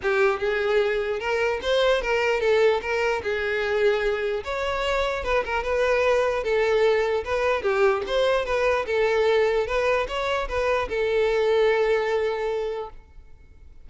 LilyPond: \new Staff \with { instrumentName = "violin" } { \time 4/4 \tempo 4 = 149 g'4 gis'2 ais'4 | c''4 ais'4 a'4 ais'4 | gis'2. cis''4~ | cis''4 b'8 ais'8 b'2 |
a'2 b'4 g'4 | c''4 b'4 a'2 | b'4 cis''4 b'4 a'4~ | a'1 | }